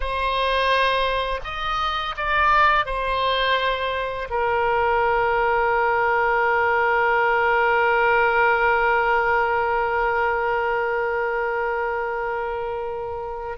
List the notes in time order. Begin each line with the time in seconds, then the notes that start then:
0.00 C5
1.44 D#5
2.16 D5
2.85 C5
4.30 A#4